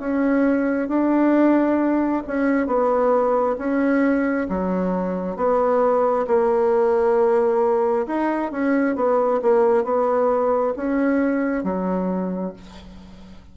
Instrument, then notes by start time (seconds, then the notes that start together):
bassoon
0.00 C#4
0.89 D4
2.28 C#4
2.67 B3
3.58 C#4
4.49 F#3
5.37 B3
6.28 A#3
8.07 D#4
8.52 C#4
8.96 B3
9.42 A#3
9.85 B3
10.77 C#4
11.64 F#3